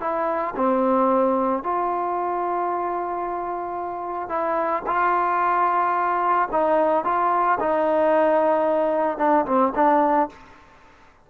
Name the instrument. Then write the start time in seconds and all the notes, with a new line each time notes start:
trombone
0.00 E4
0.56 C4
1.63 F4
4.29 E4
4.86 F4
6.51 D#4
7.04 F4
7.60 D#4
9.18 D4
9.45 C4
9.75 D4